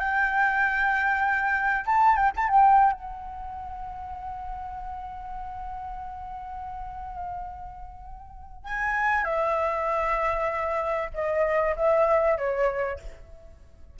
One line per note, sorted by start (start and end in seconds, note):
0.00 1.86 G5
1.86 2.16 A5
2.16 2.32 G5
2.36 2.49 A5
2.49 2.93 G5
2.93 8.65 F#5
8.65 9.25 G#5
9.25 11.10 E5
11.14 11.76 D#5
11.77 12.38 E5
12.38 13.00 C#5